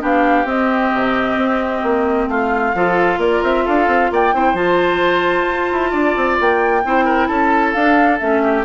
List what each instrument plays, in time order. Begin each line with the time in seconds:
0.00 bassoon B3, clarinet D4, oboe G4, flute F5
0.45 bassoon C4, clarinet C4, flute D#5
0.94 bassoon C3
1.36 bassoon C4
1.83 bassoon A#3
2.28 bassoon A3, oboe F4, flute F5
2.74 bassoon F3, clarinet F4, oboe A4
3.18 bassoon A#3, oboe A#4, flute D5
3.43 bassoon C4, flute E5
3.65 bassoon D4, oboe A4, flute F5
3.87 bassoon C4
4.11 bassoon A#3, oboe D5, flute G5
4.33 bassoon C4, clarinet E4, oboe C5
4.53 bassoon F3, clarinet F4, flute A5
5.48 bassoon F4
5.72 bassoon E4
5.91 bassoon D4, oboe D5
6.16 bassoon C4
6.40 bassoon A#3, flute G5
6.84 bassoon C4, clarinet E4, oboe C5
7.05 oboe A#4
7.27 bassoon C#4, oboe A4, flute A5
7.73 bassoon D4, clarinet D4, flute F5
8.19 bassoon A3, clarinet C#4, flute E5
8.43 oboe G4